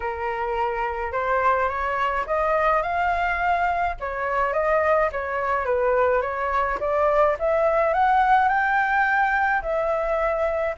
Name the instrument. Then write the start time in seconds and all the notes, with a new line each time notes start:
flute
0.00 A#4
1.12 C5
1.68 C#5
2.26 D#5
2.82 F5
4.00 C#5
4.53 D#5
5.11 C#5
5.65 B4
6.21 C#5
6.80 D5
7.39 E5
7.93 F#5
8.48 G5
9.61 E5